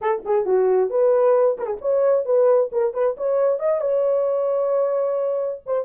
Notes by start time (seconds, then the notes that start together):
0.01 A4
0.25 G#4
0.45 F#4
0.90 B4
1.58 A#4
1.66 G#4
1.81 C#5
2.25 B4
2.72 A#4
2.93 B4
3.17 C#5
3.59 D#5
3.80 C#5
5.66 C5